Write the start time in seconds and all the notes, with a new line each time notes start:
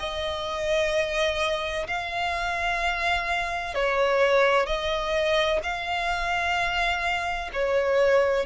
0.00 D#5
1.87 F5
3.75 C#5
4.67 D#5
5.63 F5
7.53 C#5